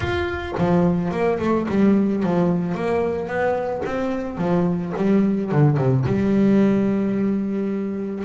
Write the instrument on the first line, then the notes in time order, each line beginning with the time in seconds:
double bass
0.00 F4
0.58 F3
1.11 A#3
1.39 A3
1.69 G3
2.23 F3
2.74 A#3
3.27 B3
3.85 C4
4.37 F3
4.96 G3
5.51 D3
5.77 C3
6.06 G3